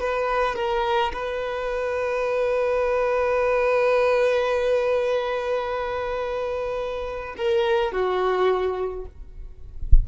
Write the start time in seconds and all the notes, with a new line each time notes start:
0.00 B4
0.56 A#4
1.13 B4
7.37 A#4
7.92 F#4